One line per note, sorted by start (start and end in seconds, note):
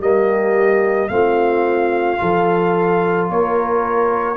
0.00 1.09 G3
0.00 1.09 A#3
0.00 1.10 G4
0.00 1.09 D#5
1.09 2.19 A3
1.09 2.18 C4
1.09 2.21 F4
1.09 3.27 F5
2.18 3.30 F3
2.18 4.36 F4
2.18 3.30 A4
3.30 4.37 A#3
3.30 4.37 A#4
3.30 4.37 C#5